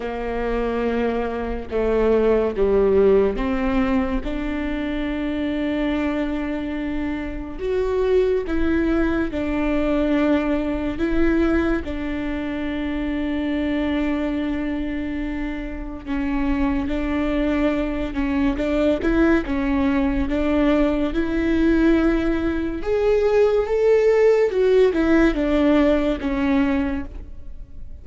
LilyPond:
\new Staff \with { instrumentName = "viola" } { \time 4/4 \tempo 4 = 71 ais2 a4 g4 | c'4 d'2.~ | d'4 fis'4 e'4 d'4~ | d'4 e'4 d'2~ |
d'2. cis'4 | d'4. cis'8 d'8 e'8 cis'4 | d'4 e'2 gis'4 | a'4 fis'8 e'8 d'4 cis'4 | }